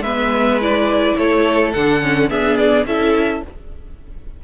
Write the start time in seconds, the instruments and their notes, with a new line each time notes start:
0.00 cello G#3, viola B3, violin B4 E5
0.61 viola E4, violin D5
1.18 cello A3, violin A4 C#5
1.73 cello D3, viola D4, violin F#5
2.02 viola C#4
2.29 viola B3, cello D4, violin G#4 E5
2.57 violin D5
2.86 cello C#4, viola E4, violin A4 E5